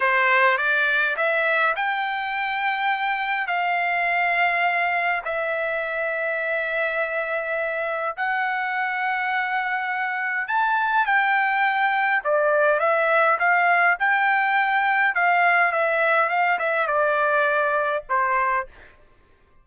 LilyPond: \new Staff \with { instrumentName = "trumpet" } { \time 4/4 \tempo 4 = 103 c''4 d''4 e''4 g''4~ | g''2 f''2~ | f''4 e''2.~ | e''2 fis''2~ |
fis''2 a''4 g''4~ | g''4 d''4 e''4 f''4 | g''2 f''4 e''4 | f''8 e''8 d''2 c''4 | }